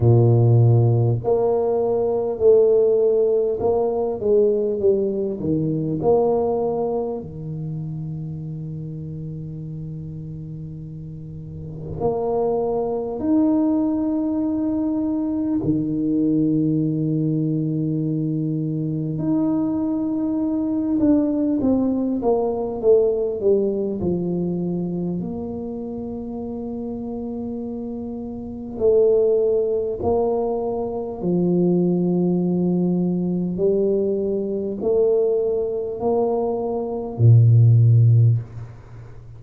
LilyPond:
\new Staff \with { instrumentName = "tuba" } { \time 4/4 \tempo 4 = 50 ais,4 ais4 a4 ais8 gis8 | g8 dis8 ais4 dis2~ | dis2 ais4 dis'4~ | dis'4 dis2. |
dis'4. d'8 c'8 ais8 a8 g8 | f4 ais2. | a4 ais4 f2 | g4 a4 ais4 ais,4 | }